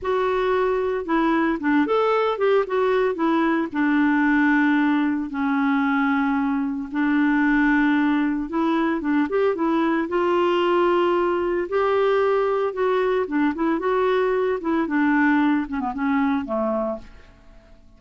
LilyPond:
\new Staff \with { instrumentName = "clarinet" } { \time 4/4 \tempo 4 = 113 fis'2 e'4 d'8 a'8~ | a'8 g'8 fis'4 e'4 d'4~ | d'2 cis'2~ | cis'4 d'2. |
e'4 d'8 g'8 e'4 f'4~ | f'2 g'2 | fis'4 d'8 e'8 fis'4. e'8 | d'4. cis'16 b16 cis'4 a4 | }